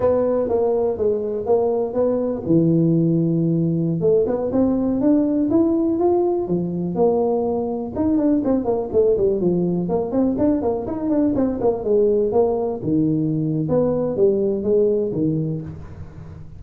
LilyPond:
\new Staff \with { instrumentName = "tuba" } { \time 4/4 \tempo 4 = 123 b4 ais4 gis4 ais4 | b4 e2.~ | e16 a8 b8 c'4 d'4 e'8.~ | e'16 f'4 f4 ais4.~ ais16~ |
ais16 dis'8 d'8 c'8 ais8 a8 g8 f8.~ | f16 ais8 c'8 d'8 ais8 dis'8 d'8 c'8 ais16~ | ais16 gis4 ais4 dis4.~ dis16 | b4 g4 gis4 dis4 | }